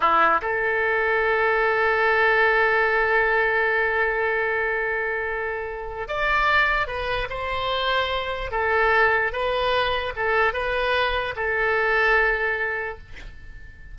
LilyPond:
\new Staff \with { instrumentName = "oboe" } { \time 4/4 \tempo 4 = 148 e'4 a'2.~ | a'1~ | a'1~ | a'2. d''4~ |
d''4 b'4 c''2~ | c''4 a'2 b'4~ | b'4 a'4 b'2 | a'1 | }